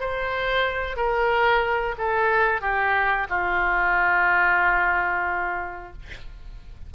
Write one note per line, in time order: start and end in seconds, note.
0.00 0.96 C5
0.96 1.95 A#4
1.98 2.61 A4
2.61 3.27 G4
3.29 5.93 F4